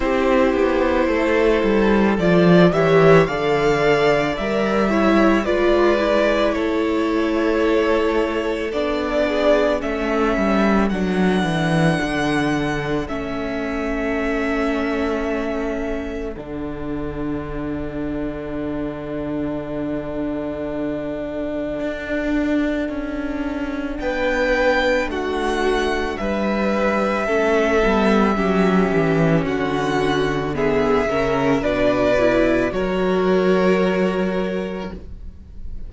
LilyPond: <<
  \new Staff \with { instrumentName = "violin" } { \time 4/4 \tempo 4 = 55 c''2 d''8 e''8 f''4 | e''4 d''4 cis''2 | d''4 e''4 fis''2 | e''2. fis''4~ |
fis''1~ | fis''2 g''4 fis''4 | e''2. fis''4 | e''4 d''4 cis''2 | }
  \new Staff \with { instrumentName = "violin" } { \time 4/4 g'4 a'4. cis''8 d''4~ | d''8 cis''8 b'4 a'2~ | a'8 gis'8 a'2.~ | a'1~ |
a'1~ | a'2 b'4 fis'4 | b'4 a'4 g'4 fis'4 | gis'8 ais'8 b'4 ais'2 | }
  \new Staff \with { instrumentName = "viola" } { \time 4/4 e'2 f'8 g'8 a'4 | ais'8 e'8 f'8 e'2~ e'8 | d'4 cis'4 d'2 | cis'2. d'4~ |
d'1~ | d'1~ | d'4 cis'8 b8 cis'2 | b8 cis'8 d'8 e'8 fis'2 | }
  \new Staff \with { instrumentName = "cello" } { \time 4/4 c'8 b8 a8 g8 f8 e8 d4 | g4 gis4 a2 | b4 a8 g8 fis8 e8 d4 | a2. d4~ |
d1 | d'4 cis'4 b4 a4 | g4 a8 g8 fis8 e8 d4~ | d8 cis8 b,4 fis2 | }
>>